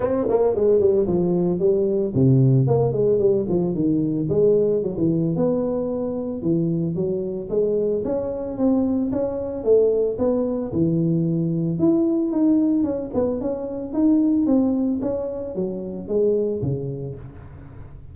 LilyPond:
\new Staff \with { instrumentName = "tuba" } { \time 4/4 \tempo 4 = 112 c'8 ais8 gis8 g8 f4 g4 | c4 ais8 gis8 g8 f8 dis4 | gis4 fis16 e8. b2 | e4 fis4 gis4 cis'4 |
c'4 cis'4 a4 b4 | e2 e'4 dis'4 | cis'8 b8 cis'4 dis'4 c'4 | cis'4 fis4 gis4 cis4 | }